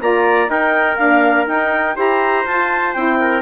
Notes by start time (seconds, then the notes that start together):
0.00 A#3 F4 D5 A#5
0.46 D#4 A#4 G5
0.96 A#3 D4 F5
1.47 D#4 G5
1.94 E4 G4 C5 A#5
2.44 F4 A5
2.93 C4 E4 G5
3.20 A#4